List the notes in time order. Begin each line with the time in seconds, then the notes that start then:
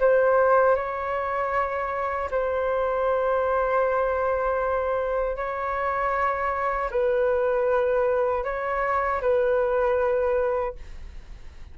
0.00 C5
0.76 C#5
2.31 C5
5.37 C#5
6.91 B4
8.44 C#5
9.22 B4